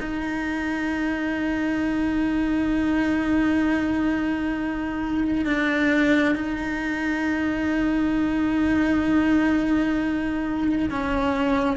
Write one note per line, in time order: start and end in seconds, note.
0.00 5.45 D#4
5.45 6.35 D4
6.35 10.89 D#4
10.90 11.76 C#4